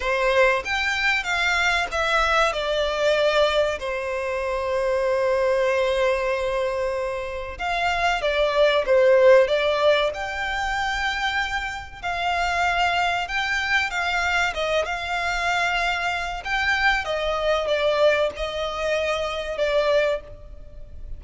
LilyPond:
\new Staff \with { instrumentName = "violin" } { \time 4/4 \tempo 4 = 95 c''4 g''4 f''4 e''4 | d''2 c''2~ | c''1 | f''4 d''4 c''4 d''4 |
g''2. f''4~ | f''4 g''4 f''4 dis''8 f''8~ | f''2 g''4 dis''4 | d''4 dis''2 d''4 | }